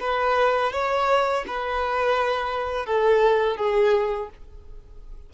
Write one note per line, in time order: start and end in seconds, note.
0.00 0.72 B4
0.73 1.45 C#5
1.47 2.86 B4
2.86 3.57 A4
3.57 4.29 G#4